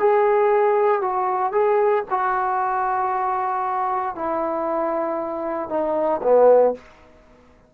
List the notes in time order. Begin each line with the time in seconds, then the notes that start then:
0.00 G#4
1.02 F#4
1.53 G#4
2.11 F#4
4.16 E4
5.70 D#4
6.23 B3